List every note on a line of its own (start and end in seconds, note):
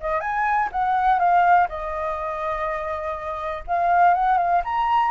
0.00 0.20 D#5
0.20 0.69 G#5
0.72 1.19 F#5
1.19 1.67 F5
1.69 3.64 D#5
3.67 4.14 F5
4.14 4.37 F#5
4.37 4.62 F5
4.64 5.11 A#5